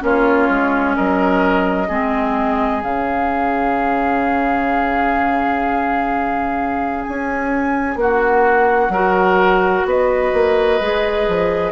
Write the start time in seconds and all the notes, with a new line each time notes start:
0.00 A#3 C#4 F4 C#5
0.49 G#3
0.95 F#3 A#4 D#5
1.88 G#3 C4 G#4
2.81 C#3 C#4 F5
7.04 C#4 G#5
7.95 A#3 F#4 F#5
8.89 F#3 F#4 A#4
9.85 B3 B4 D#5
10.33 A#3
10.80 G#3 G#4
11.28 F3